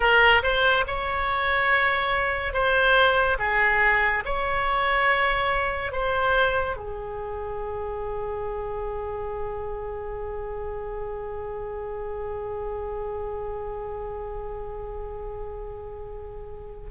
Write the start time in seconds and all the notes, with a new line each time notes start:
0.00 A#4
0.42 C5
0.87 C#5
2.53 C5
3.38 G#4
4.25 C#5
5.92 C5
6.76 G#4